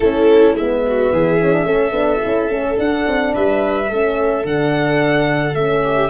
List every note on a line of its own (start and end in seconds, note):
0.00 0.53 A3
0.00 0.58 C#4
0.00 0.82 E4
0.00 0.55 A4
0.53 1.09 G#3
0.53 1.40 B3
0.53 2.78 E5
0.86 1.13 F#4
1.12 1.64 E3
1.12 1.67 G#4
1.40 1.53 C#4
1.53 1.64 D4
1.64 1.92 A3
1.64 1.91 C#4
1.64 3.33 A4
1.92 2.19 B3
1.92 2.20 D4
2.22 2.49 C#4
2.22 2.49 E4
2.49 2.77 A3
2.49 2.75 C#4
2.75 3.87 D4
2.75 3.06 D4
2.75 3.34 F#5
3.07 3.35 C4
3.33 3.91 G3
3.33 3.89 B4
3.33 4.46 E5
3.89 4.44 A3
3.89 4.44 C#4
3.89 5.83 A4
4.44 5.54 D3
4.44 5.55 D4
4.44 5.54 F#5
5.54 6.10 A3
5.54 6.10 C#4
5.54 6.10 E5
5.83 6.10 G4